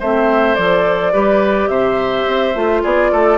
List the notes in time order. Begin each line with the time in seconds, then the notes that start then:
0.00 A3 C4 C5 E5
0.55 F3 A4 D5
1.13 G3 G4 B4
1.68 C3 C5 E5
2.27 C4
2.55 A3 F4
2.83 B3 G#4 D5
3.12 A3 A4